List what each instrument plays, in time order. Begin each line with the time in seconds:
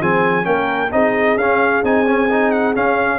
0.00 tuba F3, trombone C4, horn G#4, trumpet G#5
0.43 tuba A#3, trombone C#4, horn A#4, trumpet G5
0.92 tuba C4, trombone D#4, horn G#4, trumpet D#5
1.36 tuba C#4, trombone C#4, trumpet F5
1.83 tuba C4, trombone D#4, trumpet G#5
2.06 trombone C#4
2.30 trombone D#4
2.51 trumpet F#5
2.75 trombone C#4, tuba C#4, trumpet F5